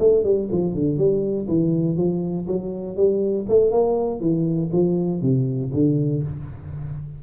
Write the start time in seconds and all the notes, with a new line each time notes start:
0.00 A3
0.24 G3
0.52 F3
0.75 D3
0.98 G3
1.49 E3
1.97 F3
2.48 F#3
2.97 G3
3.49 A3
3.72 A#3
4.21 E3
4.73 F3
5.22 C3
5.74 D3